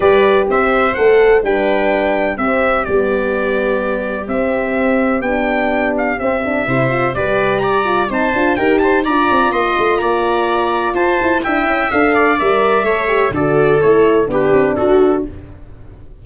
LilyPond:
<<
  \new Staff \with { instrumentName = "trumpet" } { \time 4/4 \tempo 4 = 126 d''4 e''4 fis''4 g''4~ | g''4 e''4 d''2~ | d''4 e''2 g''4~ | g''8 f''8 e''2 d''4 |
ais''4 a''4 g''8 a''8 ais''4 | c'''4 ais''2 a''4 | g''4 f''4 e''2 | d''4 cis''4 b'4 a'4 | }
  \new Staff \with { instrumentName = "viola" } { \time 4/4 b'4 c''2 b'4~ | b'4 g'2.~ | g'1~ | g'2 c''4 b'4 |
d''4 c''4 ais'8 c''8 d''4 | dis''4 d''2 c''4 | e''4. d''4. cis''4 | a'2 g'4 fis'4 | }
  \new Staff \with { instrumentName = "horn" } { \time 4/4 g'2 a'4 d'4~ | d'4 c'4 b2~ | b4 c'2 d'4~ | d'4 c'8 d'8 e'8 f'8 g'4~ |
g'8 f'8 dis'8 f'8 g'4 f'4~ | f'1 | e'4 a'4 ais'4 a'8 g'8 | fis'4 e'4 d'2 | }
  \new Staff \with { instrumentName = "tuba" } { \time 4/4 g4 c'4 a4 g4~ | g4 c'4 g2~ | g4 c'2 b4~ | b4 c'4 c4 g4~ |
g4 c'8 d'8 dis'4 d'8 c'8 | ais8 a8 ais2 f'8 e'8 | d'8 cis'8 d'4 g4 a4 | d4 a4 b8 c'8 d'4 | }
>>